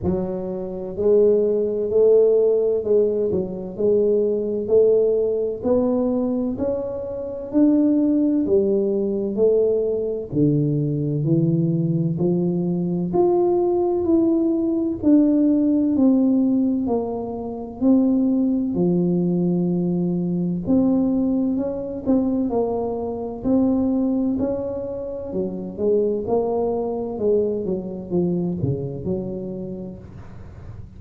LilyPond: \new Staff \with { instrumentName = "tuba" } { \time 4/4 \tempo 4 = 64 fis4 gis4 a4 gis8 fis8 | gis4 a4 b4 cis'4 | d'4 g4 a4 d4 | e4 f4 f'4 e'4 |
d'4 c'4 ais4 c'4 | f2 c'4 cis'8 c'8 | ais4 c'4 cis'4 fis8 gis8 | ais4 gis8 fis8 f8 cis8 fis4 | }